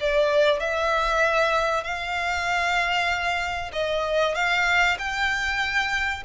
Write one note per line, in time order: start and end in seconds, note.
0.00 0.60 D5
0.60 1.84 E5
1.84 3.71 F5
3.72 4.35 D#5
4.35 4.97 F5
4.98 6.23 G5